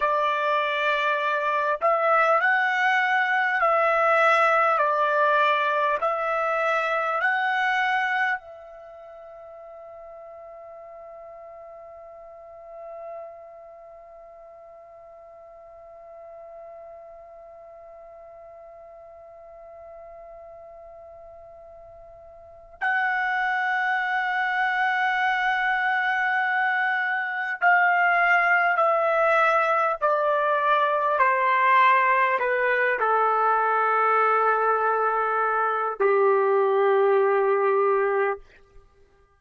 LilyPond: \new Staff \with { instrumentName = "trumpet" } { \time 4/4 \tempo 4 = 50 d''4. e''8 fis''4 e''4 | d''4 e''4 fis''4 e''4~ | e''1~ | e''1~ |
e''2. fis''4~ | fis''2. f''4 | e''4 d''4 c''4 b'8 a'8~ | a'2 g'2 | }